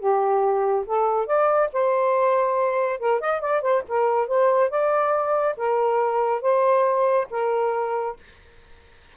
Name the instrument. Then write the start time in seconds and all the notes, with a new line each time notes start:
saxophone
0.00 G4
0.87 A4
1.27 D5
1.73 C5
3.00 A#4
3.21 D#5
3.41 D5
3.62 C5
3.88 A#4
4.28 C5
4.70 D5
5.57 A#4
6.42 C5
7.31 A#4